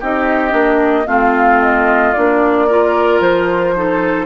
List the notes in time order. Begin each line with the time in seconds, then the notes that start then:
0.00 C4 D#4 G4 D#5
0.50 A#3 D4
1.07 A3 C4 F4 F5
1.62 D#5
2.14 A#3 D4 D5
2.67 F4 A#4
3.20 F3 C5
3.75 D#4 A4